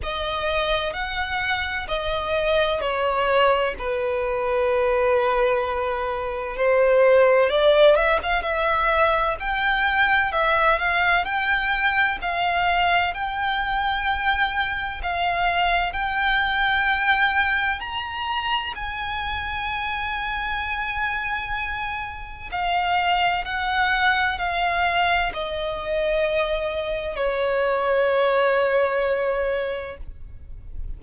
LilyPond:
\new Staff \with { instrumentName = "violin" } { \time 4/4 \tempo 4 = 64 dis''4 fis''4 dis''4 cis''4 | b'2. c''4 | d''8 e''16 f''16 e''4 g''4 e''8 f''8 | g''4 f''4 g''2 |
f''4 g''2 ais''4 | gis''1 | f''4 fis''4 f''4 dis''4~ | dis''4 cis''2. | }